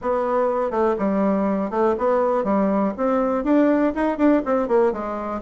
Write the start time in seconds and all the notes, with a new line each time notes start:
0.01 B3
0.70 A3
0.98 G3
1.70 A3
1.97 B3
2.44 G3
2.97 C4
3.44 D4
3.95 D#4
4.17 D4
4.45 C4
4.68 A#3
4.92 G#3